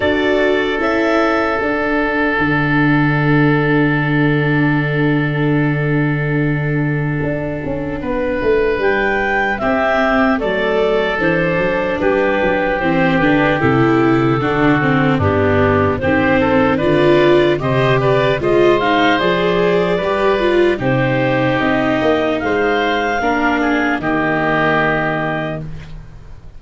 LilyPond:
<<
  \new Staff \with { instrumentName = "clarinet" } { \time 4/4 \tempo 4 = 75 d''4 e''4 fis''2~ | fis''1~ | fis''2. g''4 | e''4 d''4 c''4 b'4 |
c''8 b'8 a'2 g'4 | c''4 d''4 dis''8 d''8 dis''8 f''8 | d''2 c''4 dis''4 | f''2 dis''2 | }
  \new Staff \with { instrumentName = "oboe" } { \time 4/4 a'1~ | a'1~ | a'2 b'2 | g'4 a'2 g'4~ |
g'2 fis'4 d'4 | g'8 a'8 b'4 c''8 b'8 c''4~ | c''4 b'4 g'2 | c''4 ais'8 gis'8 g'2 | }
  \new Staff \with { instrumentName = "viola" } { \time 4/4 fis'4 e'4 d'2~ | d'1~ | d'1 | c'4 a4 d'2 |
c'8 d'8 e'4 d'8 c'8 b4 | c'4 f'4 g'4 f'8 dis'8 | gis'4 g'8 f'8 dis'2~ | dis'4 d'4 ais2 | }
  \new Staff \with { instrumentName = "tuba" } { \time 4/4 d'4 cis'4 d'4 d4~ | d1~ | d4 d'8 cis'8 b8 a8 g4 | c'4 fis4 e8 fis8 g8 fis8 |
e8 d8 c4 d4 g,4 | dis4 d4 c4 gis4 | f4 g4 c4 c'8 ais8 | gis4 ais4 dis2 | }
>>